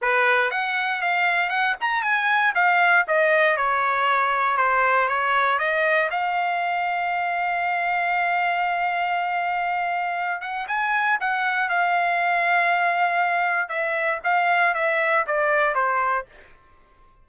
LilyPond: \new Staff \with { instrumentName = "trumpet" } { \time 4/4 \tempo 4 = 118 b'4 fis''4 f''4 fis''8 ais''8 | gis''4 f''4 dis''4 cis''4~ | cis''4 c''4 cis''4 dis''4 | f''1~ |
f''1~ | f''8 fis''8 gis''4 fis''4 f''4~ | f''2. e''4 | f''4 e''4 d''4 c''4 | }